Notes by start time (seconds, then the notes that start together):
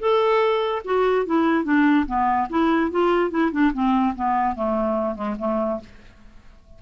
0.00 A4
0.85 F#4
1.26 E4
1.65 D4
2.07 B3
2.50 E4
2.91 F4
3.31 E4
3.52 D4
3.74 C4
4.16 B3
4.56 A3
5.15 G#3
5.39 A3